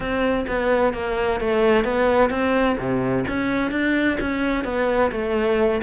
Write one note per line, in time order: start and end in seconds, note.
0.00 0.45 C4
0.47 0.93 B3
0.93 1.40 A#3
1.40 1.84 A3
1.84 2.30 B3
2.30 2.76 C4
2.78 3.25 C3
3.27 3.71 C#4
3.71 4.17 D4
4.20 4.64 C#4
4.64 5.11 B3
5.11 5.81 A3